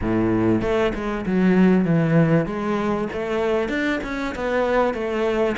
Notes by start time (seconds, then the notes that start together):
0.01 A2
0.61 A3
0.94 G#3
1.26 F#3
1.84 E3
2.46 G#3
3.12 A3
3.68 D4
4.03 C#4
4.35 B3
4.94 A3